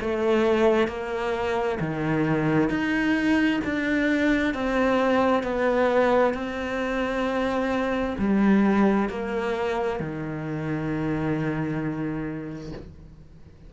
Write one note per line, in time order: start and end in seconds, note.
0.00 0.88 A3
0.88 1.79 A#3
1.80 2.69 D#3
2.69 3.60 D#4
3.64 4.54 D4
4.54 5.43 C4
5.43 6.34 B3
6.34 8.16 C4
8.18 9.09 G3
9.10 10.00 A#3
10.00 12.72 D#3